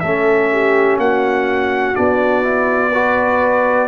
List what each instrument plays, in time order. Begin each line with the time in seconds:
0.00 tuba A3, trombone C#4, horn A4, trumpet E5
0.52 horn G4
0.98 tuba A#3, horn F#4, trumpet F#5
1.95 tuba B3, trombone D4, trumpet D5
2.43 trombone E4
2.92 trombone F#4, horn B4